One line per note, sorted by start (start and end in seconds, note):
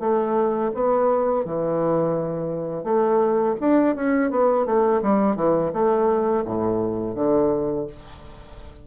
0.00 0.71 A3
0.75 1.45 B3
1.45 2.84 E3
2.84 3.56 A3
3.61 3.96 D4
3.96 4.31 C#4
4.31 4.66 B3
4.66 5.02 A3
5.03 5.36 G3
5.36 5.72 E3
5.73 6.45 A3
6.45 7.16 A2
7.16 7.87 D3